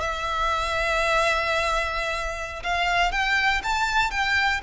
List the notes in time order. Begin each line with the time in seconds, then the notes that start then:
0.00 E5
2.63 F5
3.11 G5
3.63 A5
4.10 G5